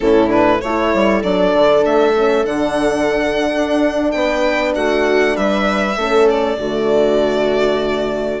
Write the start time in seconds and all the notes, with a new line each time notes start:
0.00 A2 C#4 E4 A4
0.28 D4 B4
0.61 A3 E4 A4 C#5
0.93 G3
1.22 F#3 D4 D5
1.53 D3
1.84 A3 E5
2.15 C#4
2.44 D3 D4 F#5
3.55 D4
4.11 B3 B4 G5
4.75 A3 F#4 F#5
5.35 G3 B4 E5
5.97 A3 C#4 A4
6.29 D5
6.58 D3 A3 F#4